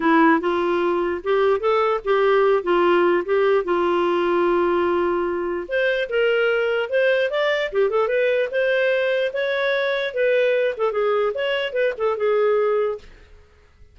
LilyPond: \new Staff \with { instrumentName = "clarinet" } { \time 4/4 \tempo 4 = 148 e'4 f'2 g'4 | a'4 g'4. f'4. | g'4 f'2.~ | f'2 c''4 ais'4~ |
ais'4 c''4 d''4 g'8 a'8 | b'4 c''2 cis''4~ | cis''4 b'4. a'8 gis'4 | cis''4 b'8 a'8 gis'2 | }